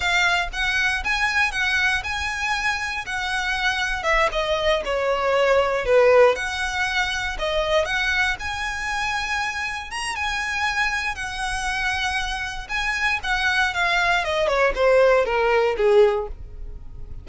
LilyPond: \new Staff \with { instrumentName = "violin" } { \time 4/4 \tempo 4 = 118 f''4 fis''4 gis''4 fis''4 | gis''2 fis''2 | e''8 dis''4 cis''2 b'8~ | b'8 fis''2 dis''4 fis''8~ |
fis''8 gis''2. ais''8 | gis''2 fis''2~ | fis''4 gis''4 fis''4 f''4 | dis''8 cis''8 c''4 ais'4 gis'4 | }